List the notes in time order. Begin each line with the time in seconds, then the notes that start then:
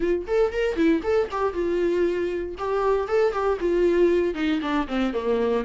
0.00 F4
0.27 A4
0.52 A#4
0.76 E4
1.03 A4
1.31 G4
1.53 F4
2.58 G4
3.08 A4
3.32 G4
3.60 F4
4.34 D#4
4.61 D4
4.87 C4
5.13 A#3